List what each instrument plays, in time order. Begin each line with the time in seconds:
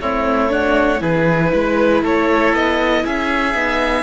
0.00 cello A3, viola C4, oboe E4, violin C#5
0.49 viola D4, oboe F#4
0.98 cello E3, viola E4, oboe G#4, violin B4
1.53 cello G#3, oboe B4
2.02 cello A3, oboe A4, violin C#5
2.53 cello B3, violin D#5
3.04 cello C#4, oboe G#4, violin E5
3.54 cello B3, viola D#4